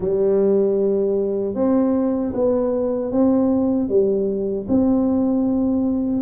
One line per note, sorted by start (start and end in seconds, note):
0.00 1.54 G3
1.54 2.32 C4
2.34 3.11 B3
3.11 3.89 C4
3.89 4.66 G3
4.68 6.22 C4